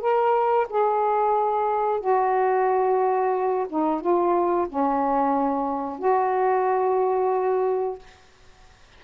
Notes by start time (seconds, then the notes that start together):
0.00 A#4
0.70 G#4
2.00 F#4
3.69 D#4
4.00 F4
4.68 C#4
5.98 F#4